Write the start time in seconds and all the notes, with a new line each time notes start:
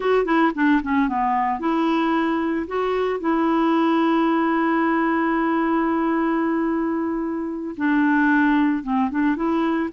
0.00 F#4
0.25 E4
0.55 D4
0.82 C#4
1.08 B3
1.59 E4
2.67 F#4
3.19 E4
7.77 D4
8.83 C4
9.10 D4
9.36 E4